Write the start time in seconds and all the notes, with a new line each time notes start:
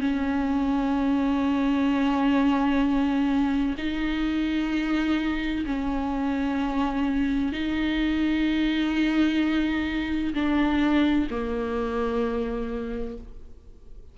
0.00 C#4
3.77 D#4
5.65 C#4
7.52 D#4
10.34 D4
11.30 A#3